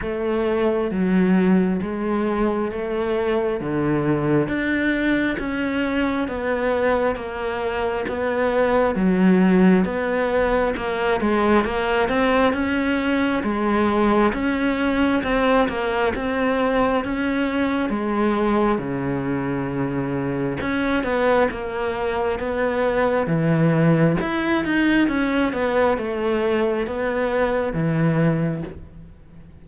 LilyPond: \new Staff \with { instrumentName = "cello" } { \time 4/4 \tempo 4 = 67 a4 fis4 gis4 a4 | d4 d'4 cis'4 b4 | ais4 b4 fis4 b4 | ais8 gis8 ais8 c'8 cis'4 gis4 |
cis'4 c'8 ais8 c'4 cis'4 | gis4 cis2 cis'8 b8 | ais4 b4 e4 e'8 dis'8 | cis'8 b8 a4 b4 e4 | }